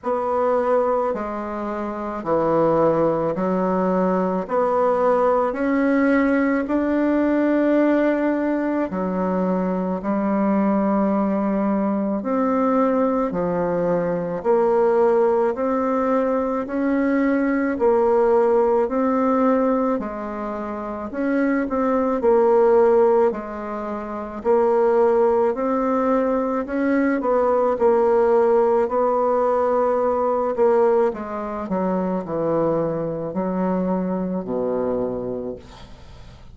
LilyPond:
\new Staff \with { instrumentName = "bassoon" } { \time 4/4 \tempo 4 = 54 b4 gis4 e4 fis4 | b4 cis'4 d'2 | fis4 g2 c'4 | f4 ais4 c'4 cis'4 |
ais4 c'4 gis4 cis'8 c'8 | ais4 gis4 ais4 c'4 | cis'8 b8 ais4 b4. ais8 | gis8 fis8 e4 fis4 b,4 | }